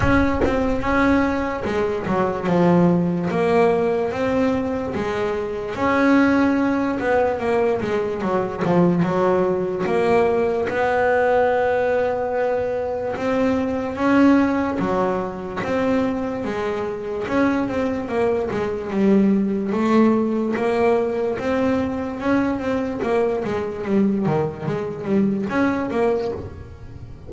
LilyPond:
\new Staff \with { instrumentName = "double bass" } { \time 4/4 \tempo 4 = 73 cis'8 c'8 cis'4 gis8 fis8 f4 | ais4 c'4 gis4 cis'4~ | cis'8 b8 ais8 gis8 fis8 f8 fis4 | ais4 b2. |
c'4 cis'4 fis4 c'4 | gis4 cis'8 c'8 ais8 gis8 g4 | a4 ais4 c'4 cis'8 c'8 | ais8 gis8 g8 dis8 gis8 g8 cis'8 ais8 | }